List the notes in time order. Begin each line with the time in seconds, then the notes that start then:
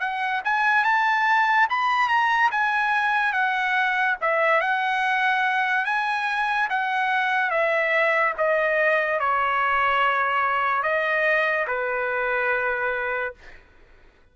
0.00 F#5
0.45 G#5
0.84 A5
1.70 B5
2.09 A#5
2.51 G#5
3.33 F#5
4.21 E5
4.61 F#5
5.85 G#5
6.70 F#5
7.50 E5
8.38 D#5
9.20 C#5
10.83 D#5
11.67 B4